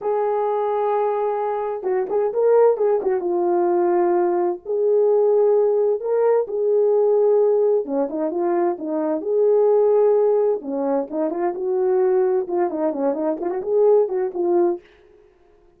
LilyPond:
\new Staff \with { instrumentName = "horn" } { \time 4/4 \tempo 4 = 130 gis'1 | fis'8 gis'8 ais'4 gis'8 fis'8 f'4~ | f'2 gis'2~ | gis'4 ais'4 gis'2~ |
gis'4 cis'8 dis'8 f'4 dis'4 | gis'2. cis'4 | dis'8 f'8 fis'2 f'8 dis'8 | cis'8 dis'8 f'16 fis'16 gis'4 fis'8 f'4 | }